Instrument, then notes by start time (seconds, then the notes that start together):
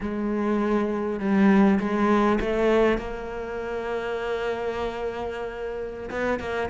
cello
0.01 G#3
1.19 G3
1.79 G#3
2.40 A3
2.97 A#3
6.10 B3
6.39 A#3